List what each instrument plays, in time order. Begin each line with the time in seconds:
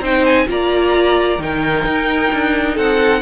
0.00 cello C4, viola D#4, violin C5 G5
0.26 violin G#5
0.48 cello A#3, viola F4, violin D5 A#5
1.39 cello D#3, viola D#4, violin A#4 G5
1.86 cello D#4
2.33 cello D4
2.75 cello C4, violin A4 F#5